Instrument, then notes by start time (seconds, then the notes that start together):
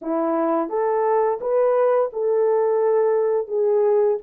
horn
0.01 E4
0.69 A4
1.40 B4
2.12 A4
3.47 G#4